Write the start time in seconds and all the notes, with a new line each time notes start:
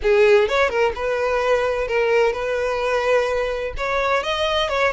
0.02 G#4
0.48 C#5
0.69 A#4
0.95 B4
1.87 A#4
2.32 B4
3.77 C#5
4.23 D#5
4.69 C#5